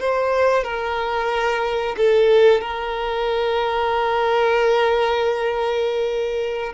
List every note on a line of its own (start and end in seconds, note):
0.00 0.64 C5
0.64 1.96 A#4
1.97 2.61 A4
2.61 6.73 A#4